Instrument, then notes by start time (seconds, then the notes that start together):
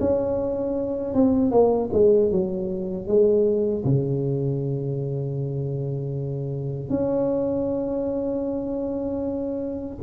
tuba
0.00 C#4
1.14 C4
1.51 A#3
1.93 G#3
2.31 F#3
3.07 G#3
3.85 C#3
6.90 C#4